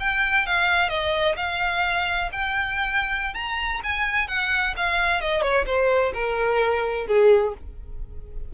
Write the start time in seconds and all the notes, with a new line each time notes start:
0.00 G5
0.46 F5
0.89 D#5
1.37 F5
2.32 G5
3.34 A#5
3.84 G#5
4.28 F#5
4.77 F5
5.21 D#5
5.42 C#5
5.66 C5
6.14 A#4
7.07 G#4